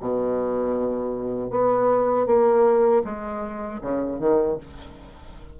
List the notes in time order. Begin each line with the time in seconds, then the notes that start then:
0.00 B2
1.50 B3
2.26 A#3
3.04 G#3
3.81 C#3
4.19 D#3